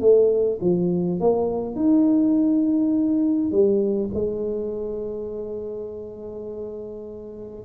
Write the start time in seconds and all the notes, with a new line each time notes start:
0.00 A3
0.61 F3
1.20 A#3
1.75 D#4
3.51 G3
4.14 G#3